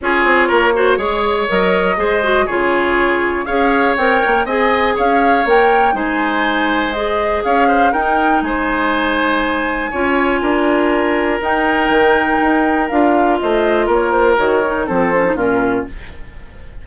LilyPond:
<<
  \new Staff \with { instrumentName = "flute" } { \time 4/4 \tempo 4 = 121 cis''2. dis''4~ | dis''4 cis''2 f''4 | g''4 gis''4 f''4 g''4 | gis''2 dis''4 f''4 |
g''4 gis''2.~ | gis''2. g''4~ | g''2 f''4 dis''4 | cis''8 c''8 cis''4 c''4 ais'4 | }
  \new Staff \with { instrumentName = "oboe" } { \time 4/4 gis'4 ais'8 c''8 cis''2 | c''4 gis'2 cis''4~ | cis''4 dis''4 cis''2 | c''2. cis''8 c''8 |
ais'4 c''2. | cis''4 ais'2.~ | ais'2. c''4 | ais'2 a'4 f'4 | }
  \new Staff \with { instrumentName = "clarinet" } { \time 4/4 f'4. fis'8 gis'4 ais'4 | gis'8 fis'8 f'2 gis'4 | ais'4 gis'2 ais'4 | dis'2 gis'2 |
dis'1 | f'2. dis'4~ | dis'2 f'2~ | f'4 fis'8 dis'8 c'8 cis'16 dis'16 cis'4 | }
  \new Staff \with { instrumentName = "bassoon" } { \time 4/4 cis'8 c'8 ais4 gis4 fis4 | gis4 cis2 cis'4 | c'8 ais8 c'4 cis'4 ais4 | gis2. cis'4 |
dis'4 gis2. | cis'4 d'2 dis'4 | dis4 dis'4 d'4 a4 | ais4 dis4 f4 ais,4 | }
>>